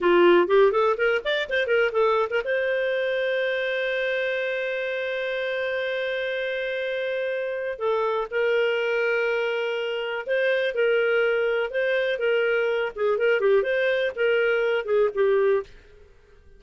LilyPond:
\new Staff \with { instrumentName = "clarinet" } { \time 4/4 \tempo 4 = 123 f'4 g'8 a'8 ais'8 d''8 c''8 ais'8 | a'8. ais'16 c''2.~ | c''1~ | c''1 |
a'4 ais'2.~ | ais'4 c''4 ais'2 | c''4 ais'4. gis'8 ais'8 g'8 | c''4 ais'4. gis'8 g'4 | }